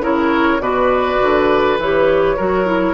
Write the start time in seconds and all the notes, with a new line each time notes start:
0.00 C#3 E4 A#4 C#5
0.60 B2 F#4 B4 D5
1.22 D3
1.79 E3 G4 C#5
2.37 F#3 F#4 A#4
2.66 E4